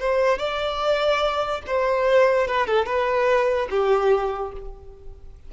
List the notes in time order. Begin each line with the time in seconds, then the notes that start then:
0.00 C5
0.39 D5
1.67 C5
2.48 B4
2.67 A4
2.86 B4
3.70 G4